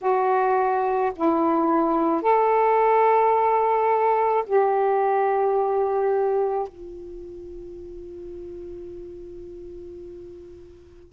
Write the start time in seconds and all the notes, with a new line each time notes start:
0.01 F#4
1.15 E4
2.22 A4
4.46 G4
6.68 F4